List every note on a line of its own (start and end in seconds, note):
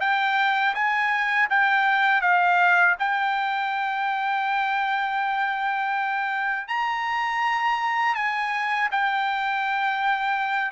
0.00 0.74 G5
0.74 1.48 G#5
1.50 2.22 G5
2.22 2.96 F5
2.99 6.68 G5
6.68 8.15 A#5
8.15 8.89 G#5
8.91 10.71 G5